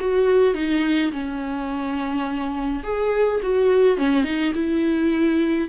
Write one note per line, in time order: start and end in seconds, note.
0.00 0.54 F#4
0.54 1.11 D#4
1.12 2.83 C#4
2.83 3.41 G#4
3.43 3.97 F#4
3.97 4.24 C#4
4.24 4.52 D#4
4.55 5.69 E4